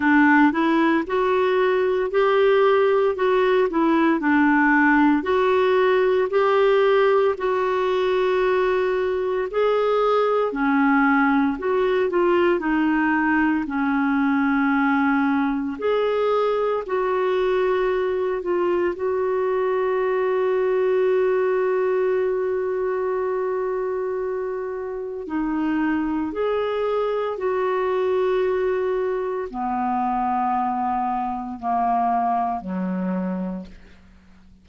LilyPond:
\new Staff \with { instrumentName = "clarinet" } { \time 4/4 \tempo 4 = 57 d'8 e'8 fis'4 g'4 fis'8 e'8 | d'4 fis'4 g'4 fis'4~ | fis'4 gis'4 cis'4 fis'8 f'8 | dis'4 cis'2 gis'4 |
fis'4. f'8 fis'2~ | fis'1 | dis'4 gis'4 fis'2 | b2 ais4 fis4 | }